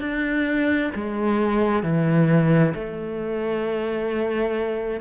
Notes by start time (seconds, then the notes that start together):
0.00 D4
0.95 G#3
1.83 E3
2.74 A3